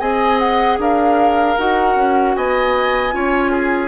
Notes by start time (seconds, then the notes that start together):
0.00 C4 G#4 D#5 G#5
0.39 F#5
0.79 D4 A#4 F5
1.57 D#4 F#4 F#5
1.96 C#4
2.36 B3 D#5 G#5
3.12 C#4 F4 C#5
3.52 G#4